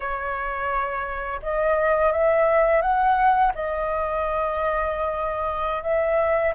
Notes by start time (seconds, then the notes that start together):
0.00 C#5
1.42 D#5
2.11 E5
2.81 F#5
3.55 D#5
5.82 E5